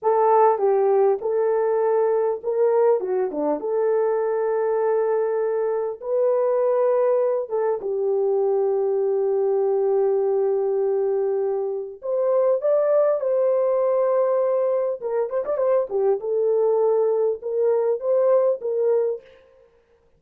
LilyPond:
\new Staff \with { instrumentName = "horn" } { \time 4/4 \tempo 4 = 100 a'4 g'4 a'2 | ais'4 fis'8 d'8 a'2~ | a'2 b'2~ | b'8 a'8 g'2.~ |
g'1 | c''4 d''4 c''2~ | c''4 ais'8 c''16 d''16 c''8 g'8 a'4~ | a'4 ais'4 c''4 ais'4 | }